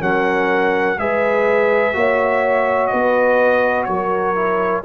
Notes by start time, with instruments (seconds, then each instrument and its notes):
0.00 tuba F#3, trombone C#4, horn A#4, trumpet F#5
0.98 tuba G#3, trombone G#4, horn B4, trumpet E5
1.94 tuba A#3, trombone F#4, horn C#5
2.87 tuba B3, horn B4, trumpet D#5
3.85 tuba F#3, horn A#4, trumpet C#5
4.36 trombone E4